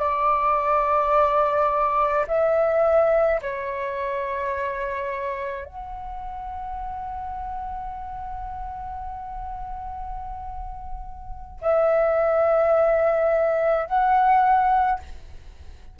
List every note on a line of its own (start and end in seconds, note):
0.00 2.26 D5
2.28 3.41 E5
3.42 5.66 C#5
5.66 11.60 F#5
11.62 13.87 E5
13.87 15.00 F#5